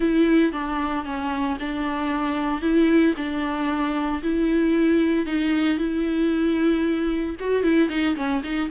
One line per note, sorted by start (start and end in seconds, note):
0.00 0.52 E4
0.52 1.05 D4
1.05 1.57 C#4
1.59 2.61 D4
2.61 3.14 E4
3.17 4.22 D4
4.22 5.26 E4
5.26 5.78 D#4
5.78 7.35 E4
7.39 7.63 F#4
7.63 7.89 E4
7.89 8.15 D#4
8.16 8.42 C#4
8.43 8.70 D#4